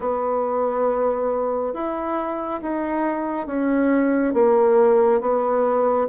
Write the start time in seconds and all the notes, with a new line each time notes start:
0.00 B3
1.73 E4
2.61 D#4
3.47 C#4
4.33 A#3
5.20 B3